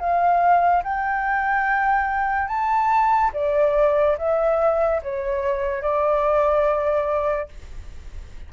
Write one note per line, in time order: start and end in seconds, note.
0.00 0.83 F5
0.84 2.48 G5
2.48 3.31 A5
3.34 4.17 D5
4.18 5.02 E5
5.03 5.82 C#5
5.82 7.49 D5